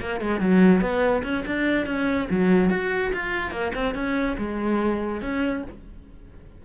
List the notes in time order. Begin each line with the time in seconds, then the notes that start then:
0.00 A#3
0.20 G#3
0.40 F#3
0.81 B3
1.23 C#4
1.46 D4
1.86 C#4
2.30 F#3
2.70 F#4
3.13 F4
3.51 A#3
3.74 C4
3.95 C#4
4.38 G#3
5.21 C#4